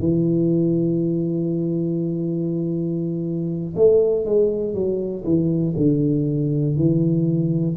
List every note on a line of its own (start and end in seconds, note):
0.00 3.75 E3
3.76 4.26 A3
4.26 4.75 G#3
4.75 5.25 F#3
5.25 5.75 E3
5.77 6.76 D3
6.76 7.76 E3